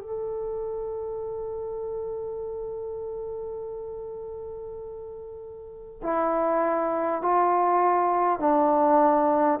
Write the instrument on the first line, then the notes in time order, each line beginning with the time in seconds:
trombone
0.00 A4
6.02 E4
7.22 F4
8.39 D4